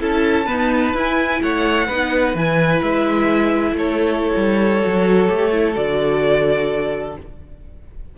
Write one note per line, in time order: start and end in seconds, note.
0.00 0.48 C#4
0.00 0.46 E4
0.00 0.45 A4
0.00 0.96 A5
0.45 0.93 B3
0.45 0.94 D#4
0.45 1.39 B4
0.94 1.41 E4
0.94 1.88 E4
0.94 1.42 G#5
1.42 1.88 A3
1.42 1.86 C#5
1.42 2.36 F#5
1.86 2.34 B3
1.86 2.37 D#4
1.86 3.74 B4
2.34 2.81 E3
2.34 4.80 E4
2.34 2.82 G#5
2.82 3.72 G#3
2.82 3.76 E5
3.72 4.31 A3
3.72 7.18 A4
3.72 5.75 C#5
4.36 4.83 G3
4.80 5.29 F#3
4.80 5.27 F#4
5.28 5.76 A3
5.28 5.51 G4
5.51 5.74 E4
5.74 7.17 D3
5.74 7.15 F#4
5.74 7.16 D5